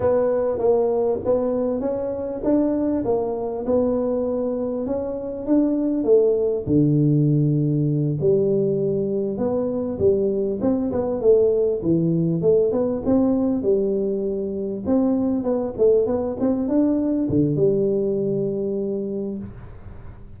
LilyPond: \new Staff \with { instrumentName = "tuba" } { \time 4/4 \tempo 4 = 99 b4 ais4 b4 cis'4 | d'4 ais4 b2 | cis'4 d'4 a4 d4~ | d4. g2 b8~ |
b8 g4 c'8 b8 a4 e8~ | e8 a8 b8 c'4 g4.~ | g8 c'4 b8 a8 b8 c'8 d'8~ | d'8 d8 g2. | }